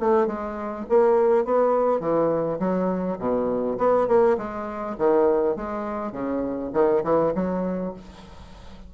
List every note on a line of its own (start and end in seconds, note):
0.00 0.27 A3
0.27 0.86 G#3
0.89 1.45 A#3
1.45 2.00 B3
2.00 2.59 E3
2.59 3.18 F#3
3.19 3.78 B2
3.78 4.07 B3
4.07 4.37 A#3
4.38 4.97 G#3
4.98 5.56 D#3
5.56 6.12 G#3
6.12 6.71 C#3
6.74 7.03 D#3
7.04 7.33 E3
7.35 7.94 F#3